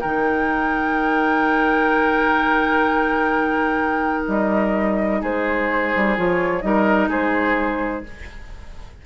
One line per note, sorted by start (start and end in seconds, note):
0.00 4.28 D#3
0.00 6.17 D#4
0.00 5.20 A#4
0.00 4.25 G5
4.28 5.22 G3
4.28 5.23 D#5
5.21 5.94 G#3
5.21 6.63 G#4
5.21 6.18 C5
5.96 6.18 G3
6.17 6.63 F3
6.17 6.62 F4
6.17 6.62 C#5
6.62 7.09 G3
6.62 8.04 D#4
6.62 7.09 A#4
6.62 7.09 D#5
7.09 8.03 G#3
7.09 8.04 G#4
7.09 8.06 C5